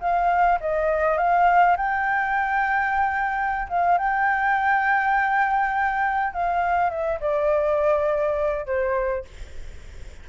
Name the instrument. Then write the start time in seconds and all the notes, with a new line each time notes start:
flute
0.00 F5
0.60 D#5
1.17 F5
1.77 G5
3.69 F5
3.98 G5
6.33 F5
6.90 E5
7.20 D5
8.66 C5